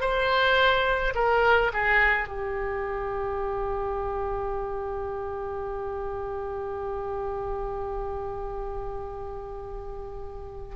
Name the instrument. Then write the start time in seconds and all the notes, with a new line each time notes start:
oboe
0.00 C5
1.15 A#4
1.73 G#4
2.27 G4